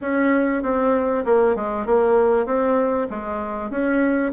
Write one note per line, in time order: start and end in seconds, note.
0.01 0.62 C#4
0.62 1.24 C4
1.25 1.55 A#3
1.55 1.86 G#3
1.86 2.45 A#3
2.45 3.07 C4
3.10 3.70 G#3
3.70 4.32 C#4